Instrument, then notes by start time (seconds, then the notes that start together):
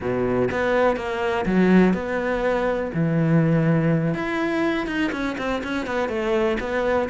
cello
0.00 B2
0.51 B3
0.96 A#3
1.45 F#3
1.93 B3
2.94 E3
4.14 E4
4.86 D#4
5.12 C#4
5.38 C4
5.63 C#4
5.86 B3
6.08 A3
6.60 B3